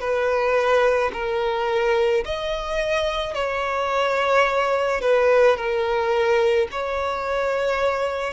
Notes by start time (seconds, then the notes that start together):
0.00 B4
1.13 A#4
2.25 D#5
3.34 C#5
5.01 B4
5.57 A#4
6.71 C#5